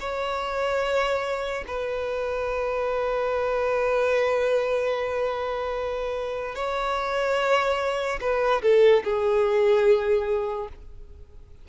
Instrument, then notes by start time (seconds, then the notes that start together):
violin
0.00 C#5
1.67 B4
6.55 C#5
8.20 B4
8.62 A4
9.04 G#4